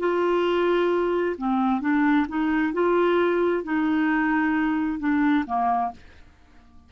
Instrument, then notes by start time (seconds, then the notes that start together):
clarinet
0.00 F4
1.38 C4
1.81 D4
2.29 D#4
2.73 F4
3.64 D#4
4.99 D4
5.46 A#3